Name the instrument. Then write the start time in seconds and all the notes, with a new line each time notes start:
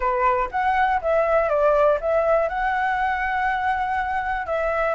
flute
0.00 B4
0.51 F#5
1.01 E5
1.49 D5
2.00 E5
2.48 F#5
4.46 E5